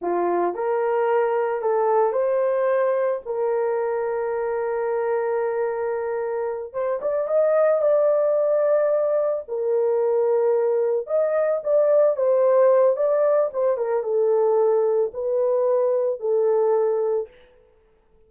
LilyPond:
\new Staff \with { instrumentName = "horn" } { \time 4/4 \tempo 4 = 111 f'4 ais'2 a'4 | c''2 ais'2~ | ais'1~ | ais'8 c''8 d''8 dis''4 d''4.~ |
d''4. ais'2~ ais'8~ | ais'8 dis''4 d''4 c''4. | d''4 c''8 ais'8 a'2 | b'2 a'2 | }